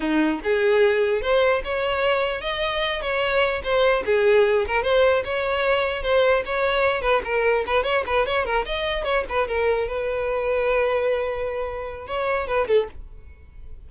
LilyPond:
\new Staff \with { instrumentName = "violin" } { \time 4/4 \tempo 4 = 149 dis'4 gis'2 c''4 | cis''2 dis''4. cis''8~ | cis''4 c''4 gis'4. ais'8 | c''4 cis''2 c''4 |
cis''4. b'8 ais'4 b'8 cis''8 | b'8 cis''8 ais'8 dis''4 cis''8 b'8 ais'8~ | ais'8 b'2.~ b'8~ | b'2 cis''4 b'8 a'8 | }